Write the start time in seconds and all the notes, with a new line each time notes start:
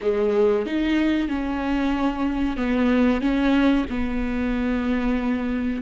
0.01 G#3
0.65 D#4
1.28 C#4
2.56 B3
3.21 C#4
3.89 B3